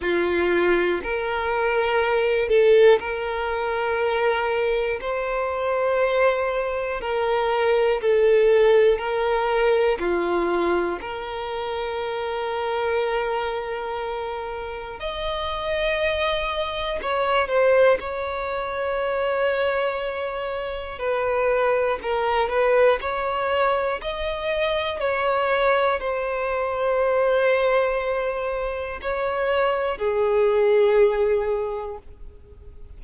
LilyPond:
\new Staff \with { instrumentName = "violin" } { \time 4/4 \tempo 4 = 60 f'4 ais'4. a'8 ais'4~ | ais'4 c''2 ais'4 | a'4 ais'4 f'4 ais'4~ | ais'2. dis''4~ |
dis''4 cis''8 c''8 cis''2~ | cis''4 b'4 ais'8 b'8 cis''4 | dis''4 cis''4 c''2~ | c''4 cis''4 gis'2 | }